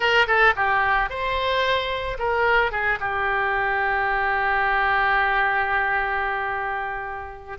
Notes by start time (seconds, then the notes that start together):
0.00 A#4
0.27 A4
0.56 G4
1.09 C5
2.18 A#4
2.71 G#4
3.00 G4